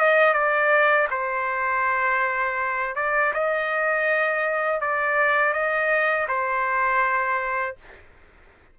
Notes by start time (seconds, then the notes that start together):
0.00 D#5
0.34 D5
1.11 C5
2.96 D5
3.34 D#5
4.81 D5
5.53 D#5
6.28 C5